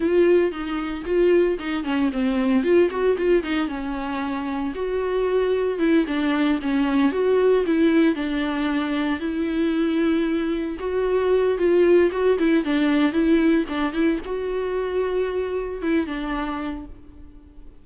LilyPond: \new Staff \with { instrumentName = "viola" } { \time 4/4 \tempo 4 = 114 f'4 dis'4 f'4 dis'8 cis'8 | c'4 f'8 fis'8 f'8 dis'8 cis'4~ | cis'4 fis'2 e'8 d'8~ | d'8 cis'4 fis'4 e'4 d'8~ |
d'4. e'2~ e'8~ | e'8 fis'4. f'4 fis'8 e'8 | d'4 e'4 d'8 e'8 fis'4~ | fis'2 e'8 d'4. | }